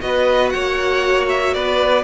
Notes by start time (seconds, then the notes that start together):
0.00 B3 F#4 B4 D#5
0.50 A#3 C#5 F#5
1.29 E5
1.54 B3 B4 D5